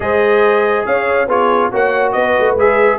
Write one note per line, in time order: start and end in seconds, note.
0.00 0.83 G#3
0.00 1.27 G#4
0.00 0.86 C5
0.00 0.85 D#5
0.85 1.26 C#4
0.85 1.27 C#5
0.85 1.28 F5
1.26 1.69 B3
1.26 1.72 F4
1.26 1.70 G#4
1.26 1.72 C#5
1.71 2.14 A#3
1.71 2.57 F#4
1.71 2.13 C#5
1.71 2.12 F#5
2.12 2.36 B3
2.12 2.98 B4
2.12 2.54 D#5
2.39 2.55 A3
2.55 2.98 G#3
2.55 2.98 G#4
2.55 2.98 E5